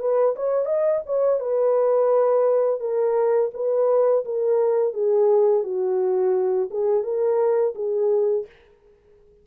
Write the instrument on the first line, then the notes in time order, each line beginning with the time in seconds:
horn
0.00 B4
0.37 C#5
0.66 D#5
1.06 C#5
1.40 B4
2.80 A#4
3.55 B4
4.26 A#4
4.94 G#4
5.64 F#4
6.71 G#4
7.04 A#4
7.76 G#4